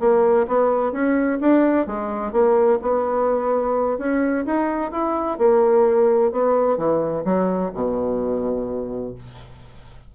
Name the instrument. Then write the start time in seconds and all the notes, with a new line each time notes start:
bassoon
0.00 A#3
0.48 B3
0.92 C#4
1.41 D4
1.87 G#3
2.32 A#3
2.82 B3
3.98 C#4
4.46 D#4
4.92 E4
5.38 A#3
6.32 B3
6.78 E3
7.25 F#3
7.74 B2